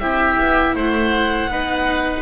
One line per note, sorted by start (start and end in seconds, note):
0.00 0.38 C4
0.00 1.51 E4
0.00 0.75 G4
0.00 0.75 E5
0.39 0.75 B3
0.75 1.48 A3
0.75 1.50 C5
0.75 2.22 F#5
1.48 2.22 B3
1.48 2.22 D#4
1.48 2.22 B4